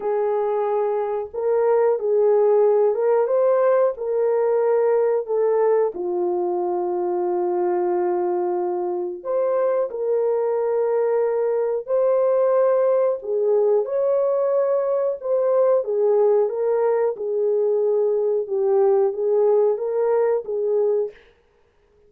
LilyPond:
\new Staff \with { instrumentName = "horn" } { \time 4/4 \tempo 4 = 91 gis'2 ais'4 gis'4~ | gis'8 ais'8 c''4 ais'2 | a'4 f'2.~ | f'2 c''4 ais'4~ |
ais'2 c''2 | gis'4 cis''2 c''4 | gis'4 ais'4 gis'2 | g'4 gis'4 ais'4 gis'4 | }